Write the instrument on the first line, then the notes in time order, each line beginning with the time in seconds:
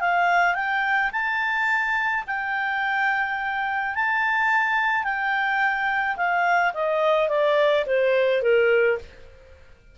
clarinet
0.00 F5
0.54 G5
1.12 A5
2.27 G5
3.95 A5
5.04 G5
6.17 F5
6.74 D#5
7.29 D5
7.86 C5
8.42 A#4